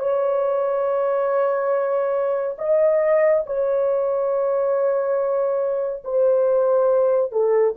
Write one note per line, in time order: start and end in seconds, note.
0.00 2.57 C#5
2.59 3.44 D#5
3.46 6.04 C#5
6.05 7.32 C5
7.32 7.75 A4